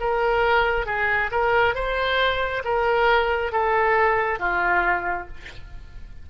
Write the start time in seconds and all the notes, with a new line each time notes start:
0.00 A#4
0.86 G#4
1.31 A#4
1.74 C5
2.64 A#4
3.52 A4
4.39 F4